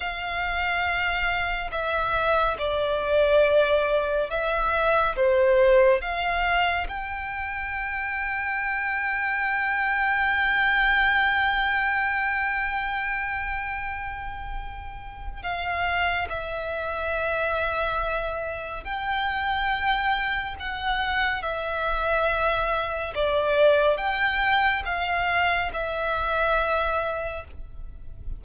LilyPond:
\new Staff \with { instrumentName = "violin" } { \time 4/4 \tempo 4 = 70 f''2 e''4 d''4~ | d''4 e''4 c''4 f''4 | g''1~ | g''1~ |
g''2 f''4 e''4~ | e''2 g''2 | fis''4 e''2 d''4 | g''4 f''4 e''2 | }